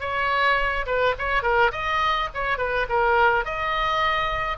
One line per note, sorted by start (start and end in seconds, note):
0.00 0.86 C#5
0.86 1.15 B4
1.18 1.43 C#5
1.43 1.71 A#4
1.72 2.29 D#5
2.34 2.58 C#5
2.58 2.86 B4
2.89 3.45 A#4
3.45 4.58 D#5